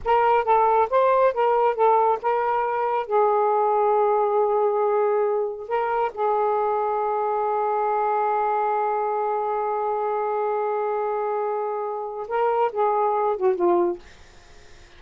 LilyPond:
\new Staff \with { instrumentName = "saxophone" } { \time 4/4 \tempo 4 = 137 ais'4 a'4 c''4 ais'4 | a'4 ais'2 gis'4~ | gis'1~ | gis'4 ais'4 gis'2~ |
gis'1~ | gis'1~ | gis'1 | ais'4 gis'4. fis'8 f'4 | }